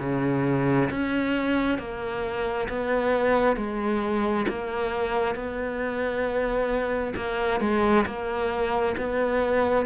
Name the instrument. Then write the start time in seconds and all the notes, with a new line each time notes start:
cello
0.00 C#3
0.91 C#4
1.79 A#3
2.69 B3
3.57 G#3
4.49 A#3
5.35 B3
7.16 A#3
7.61 G#3
8.06 A#3
8.98 B3